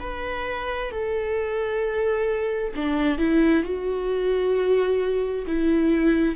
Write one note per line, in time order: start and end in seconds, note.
0.00 0.91 B4
0.91 2.73 A4
2.76 3.18 D4
3.18 3.64 E4
3.64 5.45 F#4
5.47 6.36 E4